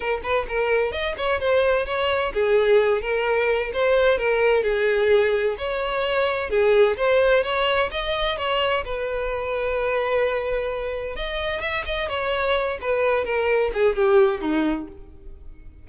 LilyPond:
\new Staff \with { instrumentName = "violin" } { \time 4/4 \tempo 4 = 129 ais'8 b'8 ais'4 dis''8 cis''8 c''4 | cis''4 gis'4. ais'4. | c''4 ais'4 gis'2 | cis''2 gis'4 c''4 |
cis''4 dis''4 cis''4 b'4~ | b'1 | dis''4 e''8 dis''8 cis''4. b'8~ | b'8 ais'4 gis'8 g'4 dis'4 | }